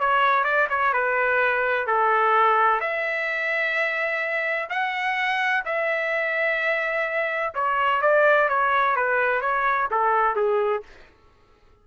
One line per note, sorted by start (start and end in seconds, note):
0.00 0.44 C#5
0.44 0.68 D5
0.70 0.94 C#5
0.94 1.87 B4
1.87 2.81 A4
2.81 4.70 E5
4.70 5.64 F#5
5.65 7.54 E5
7.55 8.02 C#5
8.02 8.49 D5
8.49 8.96 C#5
8.96 9.42 B4
9.42 9.89 C#5
9.91 10.36 A4
10.36 10.83 G#4